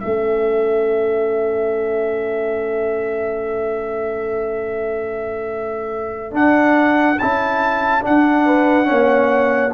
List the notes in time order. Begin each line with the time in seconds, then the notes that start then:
0.00 A3 C#4 A4 E5
6.31 D4 F#5
7.19 C#4 E4 A5
8.02 D4 F#5
8.45 B4
8.85 C#4 C#5
8.91 A#3